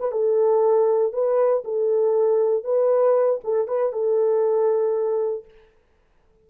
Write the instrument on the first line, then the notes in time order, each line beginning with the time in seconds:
horn
0.00 B4
0.12 A4
1.13 B4
1.65 A4
2.64 B4
3.44 A4
3.68 B4
3.93 A4